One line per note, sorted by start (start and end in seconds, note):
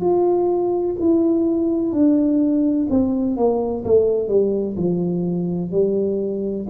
0.00 0.95 F4
1.00 1.92 E4
1.92 2.87 D4
2.90 3.36 C4
3.36 3.84 A#3
3.84 4.28 A3
4.28 4.75 G3
4.77 5.71 F3
5.71 6.66 G3